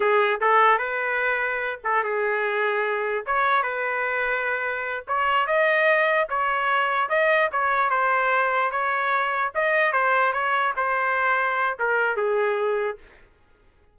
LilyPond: \new Staff \with { instrumentName = "trumpet" } { \time 4/4 \tempo 4 = 148 gis'4 a'4 b'2~ | b'8 a'8 gis'2. | cis''4 b'2.~ | b'8 cis''4 dis''2 cis''8~ |
cis''4. dis''4 cis''4 c''8~ | c''4. cis''2 dis''8~ | dis''8 c''4 cis''4 c''4.~ | c''4 ais'4 gis'2 | }